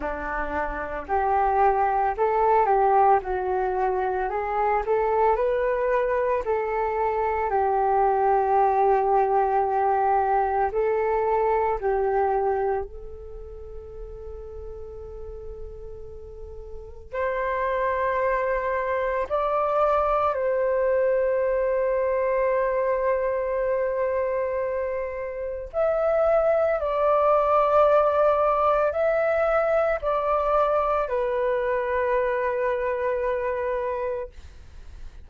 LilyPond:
\new Staff \with { instrumentName = "flute" } { \time 4/4 \tempo 4 = 56 d'4 g'4 a'8 g'8 fis'4 | gis'8 a'8 b'4 a'4 g'4~ | g'2 a'4 g'4 | a'1 |
c''2 d''4 c''4~ | c''1 | e''4 d''2 e''4 | d''4 b'2. | }